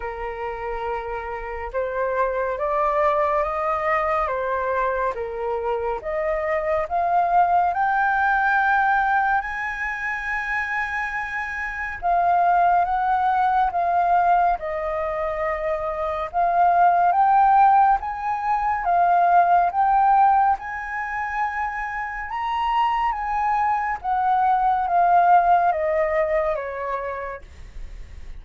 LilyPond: \new Staff \with { instrumentName = "flute" } { \time 4/4 \tempo 4 = 70 ais'2 c''4 d''4 | dis''4 c''4 ais'4 dis''4 | f''4 g''2 gis''4~ | gis''2 f''4 fis''4 |
f''4 dis''2 f''4 | g''4 gis''4 f''4 g''4 | gis''2 ais''4 gis''4 | fis''4 f''4 dis''4 cis''4 | }